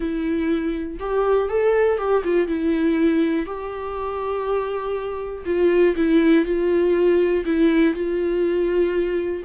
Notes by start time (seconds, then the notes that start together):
0.00 E4
0.99 G4
1.49 A4
1.97 G4
2.24 F4
2.47 E4
3.46 G4
5.45 F4
5.95 E4
6.45 F4
7.45 E4
7.94 F4